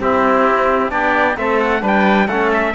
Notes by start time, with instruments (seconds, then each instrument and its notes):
0.00 cello C4, trombone C4, oboe E4, trumpet G4
0.89 cello B3, trombone D4, oboe G4, trumpet D5
1.37 cello A3, trombone C4, oboe A4, trumpet E5
1.60 trumpet F#5
1.81 cello G3, trombone D4, oboe B4
1.87 trumpet G5
2.28 cello A3, trombone C#4, oboe A4, trumpet F#5
2.54 trumpet E5